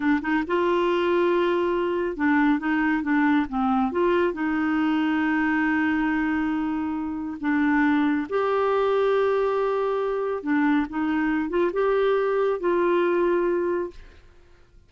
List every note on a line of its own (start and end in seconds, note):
0.00 0.20 D4
0.21 0.43 D#4
0.47 2.16 F4
2.16 2.59 D4
2.59 3.02 D#4
3.02 3.46 D4
3.49 3.91 C4
3.91 4.33 F4
4.33 7.37 D#4
7.40 8.27 D4
8.29 10.42 G4
10.42 10.86 D4
10.89 11.49 D#4
11.49 11.71 F4
11.73 12.59 G4
12.59 13.90 F4